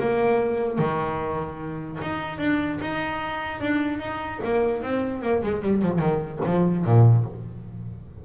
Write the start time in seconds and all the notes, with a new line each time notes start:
0.00 A#3
0.79 D#3
2.02 D#4
2.39 D4
2.81 D#4
3.61 D4
4.00 D#4
4.44 A#3
4.83 C4
5.22 A#3
5.43 G#3
5.62 G3
5.82 F3
5.99 D#3
6.46 F3
6.85 A#2